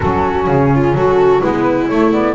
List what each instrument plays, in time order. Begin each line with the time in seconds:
0.00 double bass F#3, saxophone C#4, viola F#4, flute A4
0.47 double bass C#3, flute G#4
0.74 viola F4
0.94 double bass F#3, viola F#4, flute A4
1.41 double bass G#3, saxophone B3, viola E4, flute B4
1.87 double bass A3, saxophone A3, flute C#5
2.12 saxophone B3, flute D5